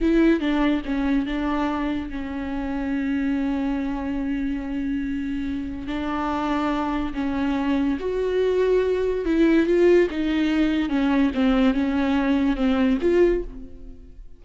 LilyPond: \new Staff \with { instrumentName = "viola" } { \time 4/4 \tempo 4 = 143 e'4 d'4 cis'4 d'4~ | d'4 cis'2.~ | cis'1~ | cis'2 d'2~ |
d'4 cis'2 fis'4~ | fis'2 e'4 f'4 | dis'2 cis'4 c'4 | cis'2 c'4 f'4 | }